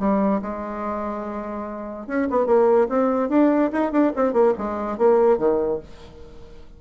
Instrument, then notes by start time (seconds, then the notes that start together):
bassoon
0.00 G3
0.43 G#3
2.07 C#4
2.31 B3
2.47 A#3
2.89 C4
3.30 D4
3.73 D#4
3.92 D4
4.16 C4
4.33 A#3
4.58 G#3
4.98 A#3
5.38 D#3